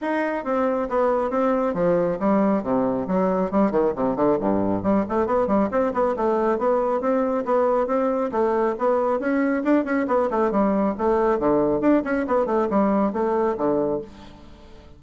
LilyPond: \new Staff \with { instrumentName = "bassoon" } { \time 4/4 \tempo 4 = 137 dis'4 c'4 b4 c'4 | f4 g4 c4 fis4 | g8 dis8 c8 d8 g,4 g8 a8 | b8 g8 c'8 b8 a4 b4 |
c'4 b4 c'4 a4 | b4 cis'4 d'8 cis'8 b8 a8 | g4 a4 d4 d'8 cis'8 | b8 a8 g4 a4 d4 | }